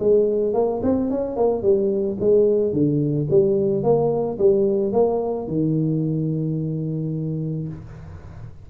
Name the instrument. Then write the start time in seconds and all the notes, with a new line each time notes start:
tuba
0.00 G#3
0.54 A#3
0.83 C4
1.11 C#4
1.37 A#3
1.63 G3
2.21 G#3
2.73 D3
3.31 G3
3.84 A#3
4.39 G3
4.93 A#3
5.48 D#3